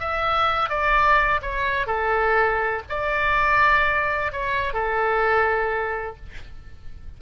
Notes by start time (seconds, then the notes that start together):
0.00 E5
0.69 D5
1.42 C#5
1.87 A4
2.89 D5
4.32 C#5
4.74 A4